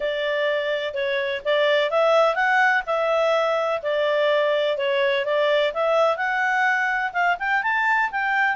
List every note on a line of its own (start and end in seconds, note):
0.00 0.94 D5
0.94 1.41 C#5
1.44 1.90 D5
1.90 2.35 E5
2.35 2.82 F#5
2.86 3.81 E5
3.82 4.77 D5
4.77 5.25 C#5
5.25 5.72 D5
5.73 6.16 E5
6.16 7.12 F#5
7.12 7.36 F5
7.39 7.62 G5
7.62 8.10 A5
8.11 8.56 G5